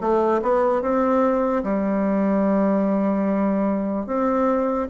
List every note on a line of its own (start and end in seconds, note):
0.00 0.41 A3
0.42 0.81 B3
0.81 1.63 C4
1.63 4.06 G3
4.06 4.87 C4